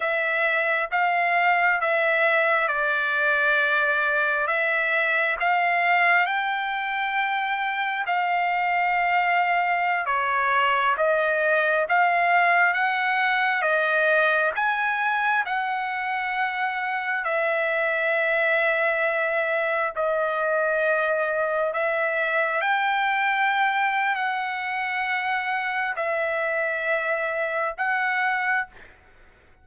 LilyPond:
\new Staff \with { instrumentName = "trumpet" } { \time 4/4 \tempo 4 = 67 e''4 f''4 e''4 d''4~ | d''4 e''4 f''4 g''4~ | g''4 f''2~ f''16 cis''8.~ | cis''16 dis''4 f''4 fis''4 dis''8.~ |
dis''16 gis''4 fis''2 e''8.~ | e''2~ e''16 dis''4.~ dis''16~ | dis''16 e''4 g''4.~ g''16 fis''4~ | fis''4 e''2 fis''4 | }